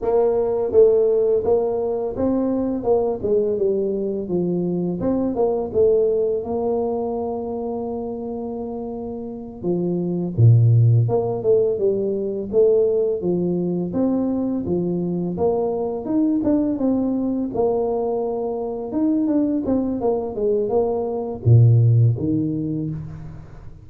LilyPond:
\new Staff \with { instrumentName = "tuba" } { \time 4/4 \tempo 4 = 84 ais4 a4 ais4 c'4 | ais8 gis8 g4 f4 c'8 ais8 | a4 ais2.~ | ais4. f4 ais,4 ais8 |
a8 g4 a4 f4 c'8~ | c'8 f4 ais4 dis'8 d'8 c'8~ | c'8 ais2 dis'8 d'8 c'8 | ais8 gis8 ais4 ais,4 dis4 | }